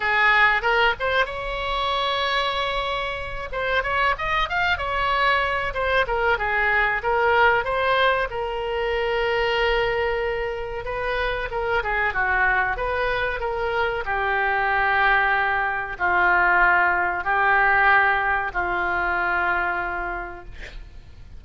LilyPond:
\new Staff \with { instrumentName = "oboe" } { \time 4/4 \tempo 4 = 94 gis'4 ais'8 c''8 cis''2~ | cis''4. c''8 cis''8 dis''8 f''8 cis''8~ | cis''4 c''8 ais'8 gis'4 ais'4 | c''4 ais'2.~ |
ais'4 b'4 ais'8 gis'8 fis'4 | b'4 ais'4 g'2~ | g'4 f'2 g'4~ | g'4 f'2. | }